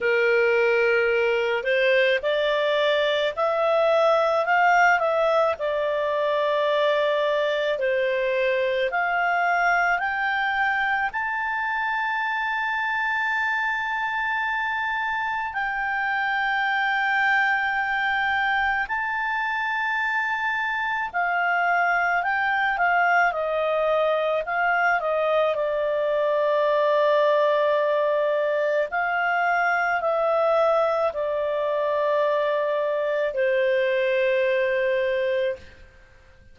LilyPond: \new Staff \with { instrumentName = "clarinet" } { \time 4/4 \tempo 4 = 54 ais'4. c''8 d''4 e''4 | f''8 e''8 d''2 c''4 | f''4 g''4 a''2~ | a''2 g''2~ |
g''4 a''2 f''4 | g''8 f''8 dis''4 f''8 dis''8 d''4~ | d''2 f''4 e''4 | d''2 c''2 | }